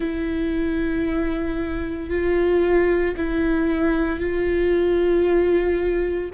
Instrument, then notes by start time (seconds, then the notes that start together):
viola
0.00 E4
2.09 F4
3.16 E4
4.19 F4